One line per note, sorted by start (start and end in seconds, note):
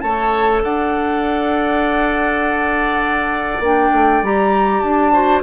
0.00 0.62 A3
0.00 3.64 A4
0.00 0.63 C#5
0.00 0.60 A5
0.63 3.59 D4
0.63 5.12 D5
0.63 3.63 F#5
3.59 3.89 A#3
3.59 4.23 D4
3.59 4.24 G5
3.92 4.22 A3
4.22 4.82 G3
4.22 5.13 G4
4.22 4.80 A#5
4.80 5.42 D4
4.80 5.40 A5
5.12 5.43 F#4
5.12 5.42 C5